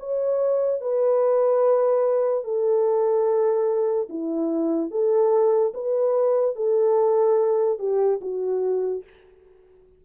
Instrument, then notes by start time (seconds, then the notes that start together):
horn
0.00 C#5
0.81 B4
2.44 A4
4.10 E4
4.91 A4
5.74 B4
6.56 A4
7.79 G4
8.22 F#4